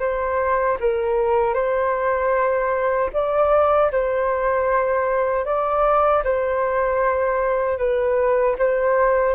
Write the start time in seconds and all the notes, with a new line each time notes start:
0.00 C5
0.80 A#4
1.54 C5
3.13 D5
3.92 C5
5.45 D5
6.24 C5
7.78 B4
8.59 C5